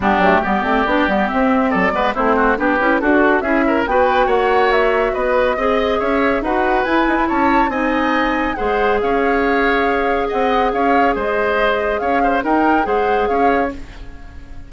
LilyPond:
<<
  \new Staff \with { instrumentName = "flute" } { \time 4/4 \tempo 4 = 140 g'4 d''2 e''4 | d''4 c''4 b'4 a'4 | e''4 g''4 fis''4 e''4 | dis''2 e''4 fis''4 |
gis''4 a''4 gis''2 | fis''4 f''2. | fis''4 f''4 dis''2 | f''4 g''4 fis''4 f''4 | }
  \new Staff \with { instrumentName = "oboe" } { \time 4/4 d'4 g'2. | a'8 b'8 e'8 fis'8 g'4 fis'4 | gis'8 ais'8 b'4 cis''2 | b'4 dis''4 cis''4 b'4~ |
b'4 cis''4 dis''2 | c''4 cis''2. | dis''4 cis''4 c''2 | cis''8 c''8 ais'4 c''4 cis''4 | }
  \new Staff \with { instrumentName = "clarinet" } { \time 4/4 b8 a8 b8 c'8 d'8 b8 c'4~ | c'8 b8 c'4 d'8 e'8 fis'4 | e'4 fis'2.~ | fis'4 gis'2 fis'4 |
e'2 dis'2 | gis'1~ | gis'1~ | gis'4 dis'4 gis'2 | }
  \new Staff \with { instrumentName = "bassoon" } { \time 4/4 g8 fis8 g8 a8 b8 g8 c'4 | fis8 gis8 a4 b8 cis'8 d'4 | cis'4 b4 ais2 | b4 c'4 cis'4 dis'4 |
e'8 dis'16 e'16 cis'4 c'2 | gis4 cis'2. | c'4 cis'4 gis2 | cis'4 dis'4 gis4 cis'4 | }
>>